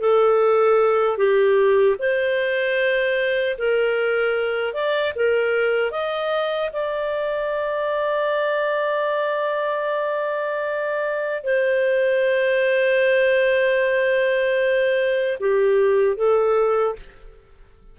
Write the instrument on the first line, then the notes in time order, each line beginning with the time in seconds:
clarinet
0.00 A4
1.17 G4
1.99 C5
3.57 A#4
4.73 D5
5.15 A#4
5.90 D#5
6.72 D5
11.43 C5
15.39 G4
16.16 A4